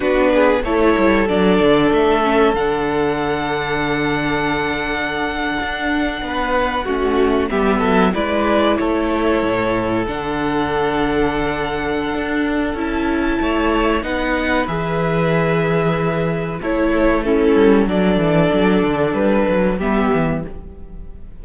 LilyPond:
<<
  \new Staff \with { instrumentName = "violin" } { \time 4/4 \tempo 4 = 94 b'4 cis''4 d''4 e''4 | fis''1~ | fis''2.~ fis''8. e''16~ | e''8. d''4 cis''2 fis''16~ |
fis''1 | a''2 fis''4 e''4~ | e''2 cis''4 a'4 | d''2 b'4 e''4 | }
  \new Staff \with { instrumentName = "violin" } { \time 4/4 fis'8 gis'8 a'2.~ | a'1~ | a'4.~ a'16 b'4 fis'4 g'16~ | g'16 a'8 b'4 a'2~ a'16~ |
a'1~ | a'4 cis''4 b'2~ | b'2 a'4 e'4 | a'2. g'4 | }
  \new Staff \with { instrumentName = "viola" } { \time 4/4 d'4 e'4 d'4. cis'8 | d'1~ | d'2~ d'8. cis'4 b16~ | b8. e'2. d'16~ |
d'1 | e'2 dis'4 gis'4~ | gis'2 e'4 cis'4 | d'2. b4 | }
  \new Staff \with { instrumentName = "cello" } { \time 4/4 b4 a8 g8 fis8 d8 a4 | d1~ | d8. d'4 b4 a4 g16~ | g16 fis8 gis4 a4 a,4 d16~ |
d2. d'4 | cis'4 a4 b4 e4~ | e2 a4. g8 | fis8 e8 fis8 d8 g8 fis8 g8 e8 | }
>>